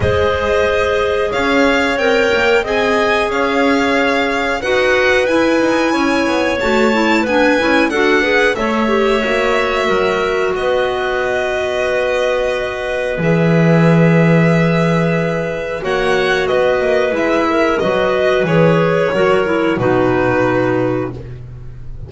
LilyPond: <<
  \new Staff \with { instrumentName = "violin" } { \time 4/4 \tempo 4 = 91 dis''2 f''4 g''4 | gis''4 f''2 fis''4 | gis''2 a''4 gis''4 | fis''4 e''2. |
dis''1 | e''1 | fis''4 dis''4 e''4 dis''4 | cis''2 b'2 | }
  \new Staff \with { instrumentName = "clarinet" } { \time 4/4 c''2 cis''2 | dis''4 cis''2 b'4~ | b'4 cis''2 b'4 | a'8 b'8 cis''2 ais'4 |
b'1~ | b'1 | cis''4 b'4. ais'8 b'4~ | b'4 ais'4 fis'2 | }
  \new Staff \with { instrumentName = "clarinet" } { \time 4/4 gis'2. ais'4 | gis'2. fis'4 | e'2 fis'8 e'8 d'8 e'8 | fis'8 gis'8 a'8 g'8 fis'2~ |
fis'1 | gis'1 | fis'2 e'4 fis'4 | gis'4 fis'8 e'8 dis'2 | }
  \new Staff \with { instrumentName = "double bass" } { \time 4/4 gis2 cis'4 c'8 ais8 | c'4 cis'2 dis'4 | e'8 dis'8 cis'8 b8 a4 b8 cis'8 | d'4 a4 ais4 fis4 |
b1 | e1 | ais4 b8 ais8 gis4 fis4 | e4 fis4 b,2 | }
>>